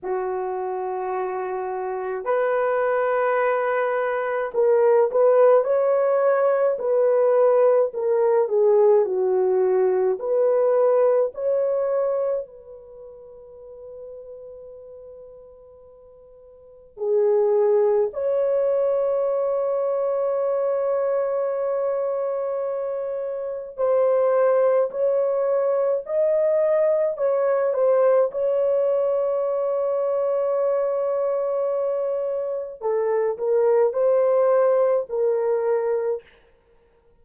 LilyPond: \new Staff \with { instrumentName = "horn" } { \time 4/4 \tempo 4 = 53 fis'2 b'2 | ais'8 b'8 cis''4 b'4 ais'8 gis'8 | fis'4 b'4 cis''4 b'4~ | b'2. gis'4 |
cis''1~ | cis''4 c''4 cis''4 dis''4 | cis''8 c''8 cis''2.~ | cis''4 a'8 ais'8 c''4 ais'4 | }